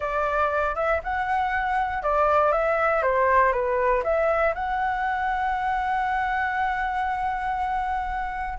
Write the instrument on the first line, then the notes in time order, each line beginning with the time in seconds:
flute
0.00 D5
0.75 E5
1.03 F#5
2.02 D5
2.51 E5
3.02 C5
3.52 B4
4.03 E5
4.54 F#5